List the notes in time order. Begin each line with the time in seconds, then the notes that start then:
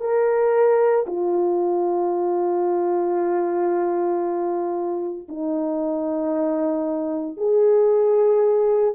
0.00 A#4
1.06 F4
5.29 D#4
7.37 G#4